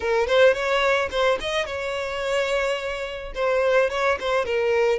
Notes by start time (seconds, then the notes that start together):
0.00 A#4
0.27 C5
0.53 C#5
1.10 C5
1.40 D#5
1.66 C#5
3.34 C5
3.90 C#5
4.20 C5
4.45 A#4